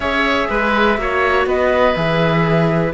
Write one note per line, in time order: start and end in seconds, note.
0.00 0.47 C#4
0.00 0.97 G#4
0.00 0.48 C#5
0.00 1.46 E5
0.49 0.97 G#3
0.49 0.98 B4
0.97 1.46 A#3
0.97 1.95 F#4
0.97 1.47 C#5
1.46 1.94 B3
1.46 2.93 B4
1.46 1.94 D#5
1.94 2.93 E3
1.94 2.93 G#4
1.94 2.92 E5